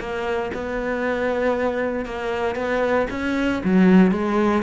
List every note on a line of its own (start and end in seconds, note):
0.00 0.52 A#3
0.54 2.06 B3
2.06 2.55 A#3
2.55 3.07 B3
3.11 3.62 C#4
3.64 4.11 F#3
4.11 4.63 G#3